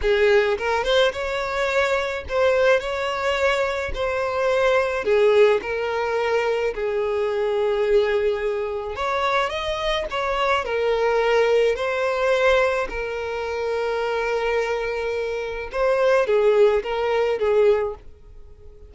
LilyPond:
\new Staff \with { instrumentName = "violin" } { \time 4/4 \tempo 4 = 107 gis'4 ais'8 c''8 cis''2 | c''4 cis''2 c''4~ | c''4 gis'4 ais'2 | gis'1 |
cis''4 dis''4 cis''4 ais'4~ | ais'4 c''2 ais'4~ | ais'1 | c''4 gis'4 ais'4 gis'4 | }